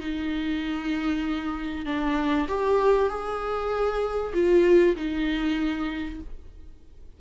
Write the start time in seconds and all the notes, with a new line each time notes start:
0.00 D#4
1.86 D4
2.48 G4
3.09 G#4
4.34 F4
4.96 D#4